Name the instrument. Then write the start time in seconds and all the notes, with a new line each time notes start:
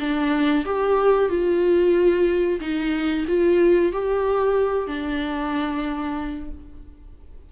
viola
0.00 D4
0.66 G4
1.29 F4
2.61 D#4
3.28 F4
3.93 G4
4.87 D4